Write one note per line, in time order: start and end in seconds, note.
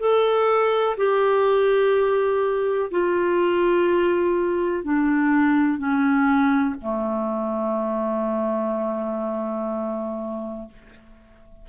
0.00 0.97 A4
0.97 2.91 G4
2.92 4.84 F4
4.84 5.78 D4
5.78 6.75 C#4
6.82 10.69 A3